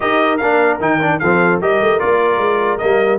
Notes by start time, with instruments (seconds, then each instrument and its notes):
0.00 tuba D#4, trombone G4, horn A#4, trumpet D#5
0.37 tuba A#3, trombone D4, trumpet F5
0.80 tuba D#3, trombone D#4, trumpet G5
1.00 trombone D4
1.19 tuba F3, trombone C4, horn A4, trumpet F5
1.60 tuba G3, trombone G4, horn A#4, trumpet D#5
1.81 tuba A3
1.99 tuba A#3, trombone F4, trumpet D5
2.37 tuba G#3
2.78 tuba G3, trombone A#3, trumpet D#5